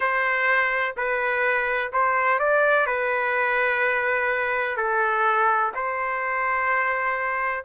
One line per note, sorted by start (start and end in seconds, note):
0.00 0.94 C5
0.96 1.91 B4
1.92 2.39 C5
2.39 2.86 D5
2.86 4.77 B4
4.77 5.72 A4
5.74 7.64 C5